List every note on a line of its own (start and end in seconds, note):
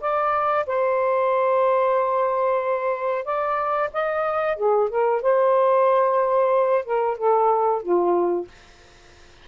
0.00 0.65 D5
0.66 3.24 C5
3.24 3.90 D5
3.93 4.56 D#5
4.56 4.89 G#4
4.89 5.21 A#4
5.21 6.84 C5
6.84 7.17 A#4
7.17 7.82 A4
7.82 8.47 F4